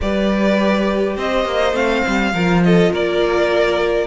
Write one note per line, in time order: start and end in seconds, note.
0.01 1.16 G3
0.01 1.73 G4
0.01 1.15 B4
0.01 1.17 D5
1.15 1.45 C4
1.15 2.32 C5
1.15 1.75 D#5
1.45 1.73 A#3
1.73 2.02 A3
1.73 2.31 C4
1.73 2.63 F5
2.07 2.33 G3
2.33 2.91 F3
2.33 4.07 F4
2.33 2.62 A#4
2.63 2.92 A4
2.63 2.92 D#5
2.92 4.07 A#3
2.92 4.07 A#4
2.92 4.07 D5